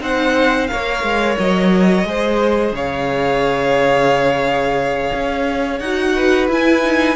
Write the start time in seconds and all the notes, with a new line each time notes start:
0.00 C4 D#4 C5 F#5
0.67 A#3 A#4 C#5 F5
1.02 G#3
1.38 F#3 D#5
2.04 G#3 G#4 C5
2.72 C#3 C#5 F5
5.13 C#4
5.79 D#4 F#4 F#5
6.15 B4
6.48 E4 G#5
6.83 D#4